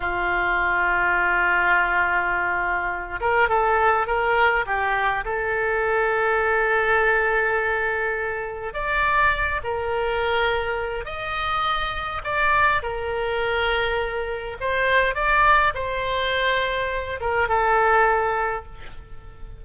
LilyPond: \new Staff \with { instrumentName = "oboe" } { \time 4/4 \tempo 4 = 103 f'1~ | f'4. ais'8 a'4 ais'4 | g'4 a'2.~ | a'2. d''4~ |
d''8 ais'2~ ais'8 dis''4~ | dis''4 d''4 ais'2~ | ais'4 c''4 d''4 c''4~ | c''4. ais'8 a'2 | }